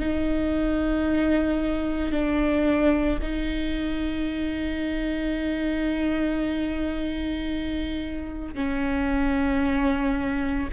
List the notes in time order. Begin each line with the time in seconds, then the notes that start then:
0.00 D#4
2.12 D4
3.22 D#4
8.55 C#4